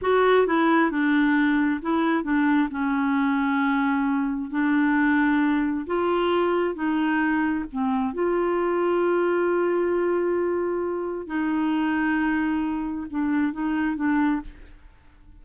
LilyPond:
\new Staff \with { instrumentName = "clarinet" } { \time 4/4 \tempo 4 = 133 fis'4 e'4 d'2 | e'4 d'4 cis'2~ | cis'2 d'2~ | d'4 f'2 dis'4~ |
dis'4 c'4 f'2~ | f'1~ | f'4 dis'2.~ | dis'4 d'4 dis'4 d'4 | }